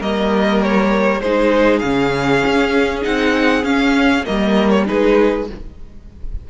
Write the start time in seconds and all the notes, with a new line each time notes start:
0.00 G3 A#3 A#4 D#5
0.62 C#5
1.21 G#3 D#4 G#4 C5
1.79 C#3 C#4 F5
2.45 C#4
3.02 C4 D#4 F#5
3.63 C#4 F5
4.25 G3 A#3 A#4 D#5
4.70 C#5
4.85 G#3 D#4 G#4 B4